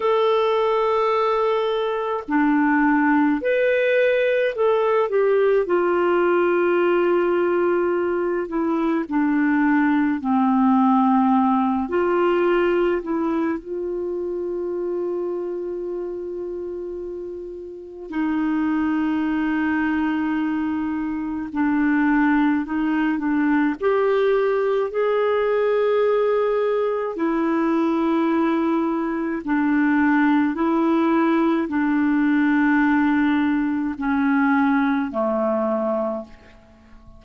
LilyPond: \new Staff \with { instrumentName = "clarinet" } { \time 4/4 \tempo 4 = 53 a'2 d'4 b'4 | a'8 g'8 f'2~ f'8 e'8 | d'4 c'4. f'4 e'8 | f'1 |
dis'2. d'4 | dis'8 d'8 g'4 gis'2 | e'2 d'4 e'4 | d'2 cis'4 a4 | }